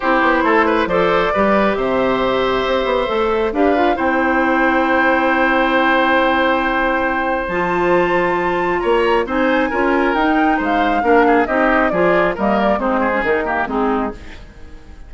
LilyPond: <<
  \new Staff \with { instrumentName = "flute" } { \time 4/4 \tempo 4 = 136 c''2 d''2 | e''1 | f''4 g''2.~ | g''1~ |
g''4 a''2. | ais''4 gis''2 g''4 | f''2 dis''4 d''4 | dis''8 d''8 c''4 ais'4 gis'4 | }
  \new Staff \with { instrumentName = "oboe" } { \time 4/4 g'4 a'8 b'8 c''4 b'4 | c''1 | b'4 c''2.~ | c''1~ |
c''1 | cis''4 c''4 ais'2 | c''4 ais'8 gis'8 g'4 gis'4 | ais'4 dis'8 gis'4 g'8 dis'4 | }
  \new Staff \with { instrumentName = "clarinet" } { \time 4/4 e'2 a'4 g'4~ | g'2. a'4 | g'8 f'8 e'2.~ | e'1~ |
e'4 f'2.~ | f'4 dis'4 f'4 dis'4~ | dis'4 d'4 dis'4 f'4 | ais4 c'8. cis'16 dis'8 ais8 c'4 | }
  \new Staff \with { instrumentName = "bassoon" } { \time 4/4 c'8 b8 a4 f4 g4 | c2 c'8 b8 a4 | d'4 c'2.~ | c'1~ |
c'4 f2. | ais4 c'4 cis'4 dis'4 | gis4 ais4 c'4 f4 | g4 gis4 dis4 gis4 | }
>>